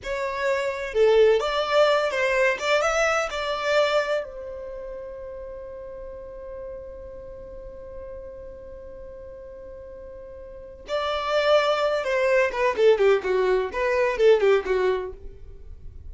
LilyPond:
\new Staff \with { instrumentName = "violin" } { \time 4/4 \tempo 4 = 127 cis''2 a'4 d''4~ | d''8 c''4 d''8 e''4 d''4~ | d''4 c''2.~ | c''1~ |
c''1~ | c''2. d''4~ | d''4. c''4 b'8 a'8 g'8 | fis'4 b'4 a'8 g'8 fis'4 | }